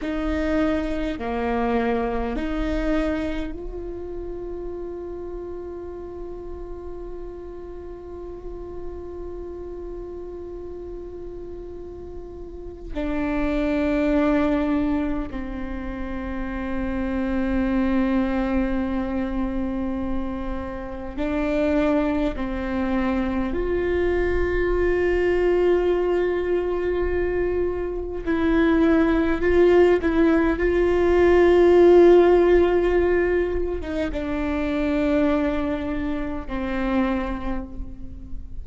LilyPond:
\new Staff \with { instrumentName = "viola" } { \time 4/4 \tempo 4 = 51 dis'4 ais4 dis'4 f'4~ | f'1~ | f'2. d'4~ | d'4 c'2.~ |
c'2 d'4 c'4 | f'1 | e'4 f'8 e'8 f'2~ | f'8. dis'16 d'2 c'4 | }